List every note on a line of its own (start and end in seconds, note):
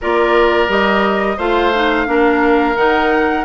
0.01 0.68 A#3
0.01 0.68 F4
0.01 1.37 A#4
0.01 0.70 D5
0.68 1.37 G3
0.68 1.37 G4
0.68 1.39 D#5
1.37 2.07 A3
1.37 1.73 F4
1.37 2.06 C5
1.37 2.77 F5
1.74 2.06 D#4
2.06 2.76 A#3
2.06 2.75 D4
2.06 3.44 A#4
2.76 3.44 D#3
2.76 3.44 D#4
2.76 3.44 F#5